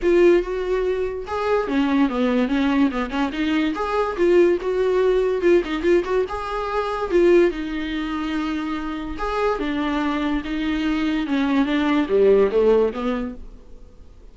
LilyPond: \new Staff \with { instrumentName = "viola" } { \time 4/4 \tempo 4 = 144 f'4 fis'2 gis'4 | cis'4 b4 cis'4 b8 cis'8 | dis'4 gis'4 f'4 fis'4~ | fis'4 f'8 dis'8 f'8 fis'8 gis'4~ |
gis'4 f'4 dis'2~ | dis'2 gis'4 d'4~ | d'4 dis'2 cis'4 | d'4 g4 a4 b4 | }